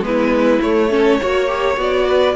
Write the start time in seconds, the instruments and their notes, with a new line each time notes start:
0.00 cello G#3, viola B3, violin B4
0.07 violin E4
0.61 viola A3, cello A3, violin C#5
0.90 viola C#4, violin A4
1.20 cello A#3, viola F#4, violin C#5
1.46 viola G4
1.77 cello B3, viola F#4, violin D5
2.08 violin B4